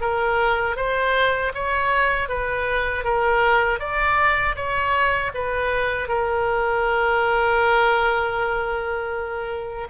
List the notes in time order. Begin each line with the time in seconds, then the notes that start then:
0.00 A#4
0.76 C5
1.54 C#5
2.28 B4
3.04 A#4
3.79 D5
4.55 C#5
5.34 B4
6.08 A#4